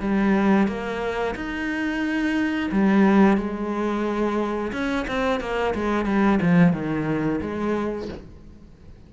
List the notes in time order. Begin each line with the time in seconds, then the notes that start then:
0.00 G3
0.67 A#3
1.35 D#4
2.72 G3
3.37 G#3
4.72 C#4
5.07 C4
5.40 A#3
5.74 G#3
6.06 G3
6.42 F3
6.73 D#3
7.41 G#3